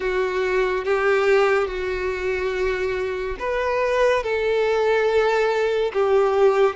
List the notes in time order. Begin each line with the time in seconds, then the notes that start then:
0.00 F#4
0.85 G4
1.67 F#4
3.39 B4
4.23 A4
5.93 G4